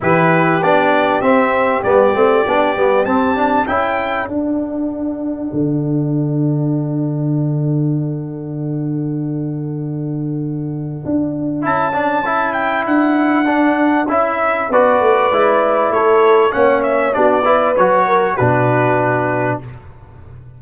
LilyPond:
<<
  \new Staff \with { instrumentName = "trumpet" } { \time 4/4 \tempo 4 = 98 b'4 d''4 e''4 d''4~ | d''4 a''4 g''4 fis''4~ | fis''1~ | fis''1~ |
fis''2. a''4~ | a''8 g''8 fis''2 e''4 | d''2 cis''4 fis''8 e''8 | d''4 cis''4 b'2 | }
  \new Staff \with { instrumentName = "horn" } { \time 4/4 g'1~ | g'2 a'2~ | a'1~ | a'1~ |
a'1~ | a'1 | b'2 a'4 cis''4 | fis'8 b'4 ais'8 fis'2 | }
  \new Staff \with { instrumentName = "trombone" } { \time 4/4 e'4 d'4 c'4 b8 c'8 | d'8 b8 c'8 d'8 e'4 d'4~ | d'1~ | d'1~ |
d'2. e'8 d'8 | e'2 d'4 e'4 | fis'4 e'2 cis'4 | d'8 e'8 fis'4 d'2 | }
  \new Staff \with { instrumentName = "tuba" } { \time 4/4 e4 b4 c'4 g8 a8 | b8 g8 c'4 cis'4 d'4~ | d'4 d2.~ | d1~ |
d2 d'4 cis'4~ | cis'4 d'2 cis'4 | b8 a8 gis4 a4 ais4 | b4 fis4 b,2 | }
>>